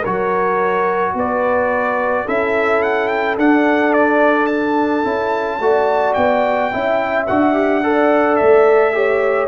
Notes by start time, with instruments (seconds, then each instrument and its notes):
0.00 trombone F#4, horn A#4, trumpet C#5
0.06 tuba F#3
1.14 tuba B3, horn B4, trumpet D5
2.25 tuba C#4, trombone E4, horn A4, trumpet E5
2.82 trumpet F#5
3.08 trumpet G5
3.37 tuba D4, trombone D4, trumpet F#5
3.93 trumpet D5
4.46 trumpet A5
5.04 tuba C#4, trombone E4
5.59 tuba A3, trombone F#4, horn D5
6.13 tuba B3, trumpet G5
6.72 tuba C#4, trombone E4, horn E5
7.26 tuba D4, trombone F#4, trumpet F#5
7.53 trombone G4
7.83 trombone A4, horn D5
8.36 tuba A3, trumpet E5
8.94 trombone G4, horn C#5